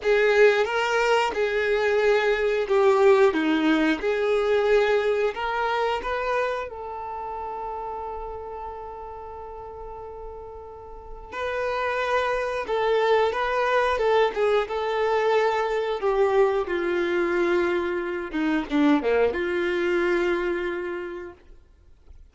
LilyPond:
\new Staff \with { instrumentName = "violin" } { \time 4/4 \tempo 4 = 90 gis'4 ais'4 gis'2 | g'4 dis'4 gis'2 | ais'4 b'4 a'2~ | a'1~ |
a'4 b'2 a'4 | b'4 a'8 gis'8 a'2 | g'4 f'2~ f'8 dis'8 | d'8 ais8 f'2. | }